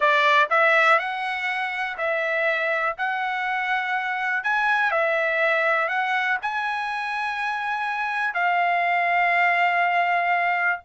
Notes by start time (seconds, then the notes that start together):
0.00 D5
0.50 E5
0.99 F#5
1.97 E5
2.97 F#5
4.43 G#5
4.91 E5
5.88 F#5
6.42 G#5
8.34 F5